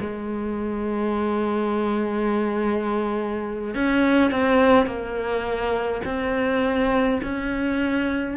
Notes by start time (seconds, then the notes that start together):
0.00 G#3
3.74 C#4
4.31 C4
4.86 A#3
6.05 C4
7.23 C#4